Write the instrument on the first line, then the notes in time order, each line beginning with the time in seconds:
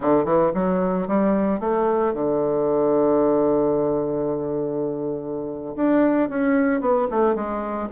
bassoon
0.00 D3
0.24 E3
0.54 F#3
1.07 G3
1.59 A3
2.13 D3
5.76 D4
6.29 C#4
6.81 B3
7.10 A3
7.35 G#3